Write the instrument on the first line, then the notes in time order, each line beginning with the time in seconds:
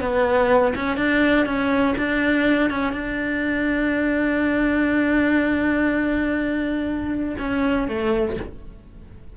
cello
0.00 B3
0.75 C#4
0.97 D4
1.46 C#4
1.98 D4
2.70 C#4
2.93 D4
7.39 C#4
7.88 A3